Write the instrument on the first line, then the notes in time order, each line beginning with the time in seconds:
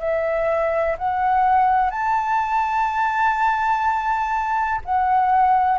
flute
0.00 E5
0.99 F#5
1.90 A5
4.85 F#5